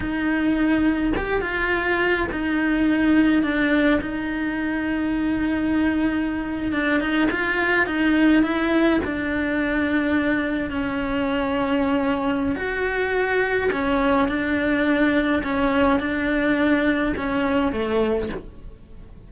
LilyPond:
\new Staff \with { instrumentName = "cello" } { \time 4/4 \tempo 4 = 105 dis'2 g'8 f'4. | dis'2 d'4 dis'4~ | dis'2.~ dis'8. d'16~ | d'16 dis'8 f'4 dis'4 e'4 d'16~ |
d'2~ d'8. cis'4~ cis'16~ | cis'2 fis'2 | cis'4 d'2 cis'4 | d'2 cis'4 a4 | }